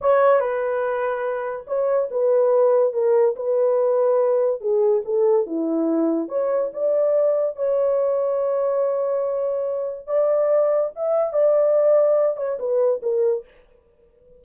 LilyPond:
\new Staff \with { instrumentName = "horn" } { \time 4/4 \tempo 4 = 143 cis''4 b'2. | cis''4 b'2 ais'4 | b'2. gis'4 | a'4 e'2 cis''4 |
d''2 cis''2~ | cis''1 | d''2 e''4 d''4~ | d''4. cis''8 b'4 ais'4 | }